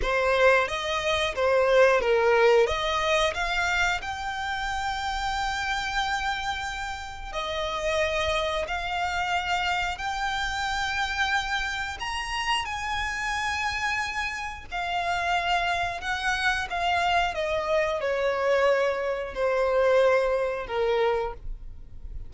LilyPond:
\new Staff \with { instrumentName = "violin" } { \time 4/4 \tempo 4 = 90 c''4 dis''4 c''4 ais'4 | dis''4 f''4 g''2~ | g''2. dis''4~ | dis''4 f''2 g''4~ |
g''2 ais''4 gis''4~ | gis''2 f''2 | fis''4 f''4 dis''4 cis''4~ | cis''4 c''2 ais'4 | }